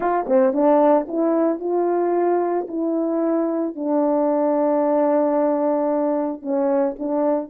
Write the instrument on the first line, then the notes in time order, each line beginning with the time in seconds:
horn
0.00 F4
0.26 C4
0.53 D4
1.08 E4
1.59 F4
2.68 E4
3.75 D4
6.42 C#4
6.99 D4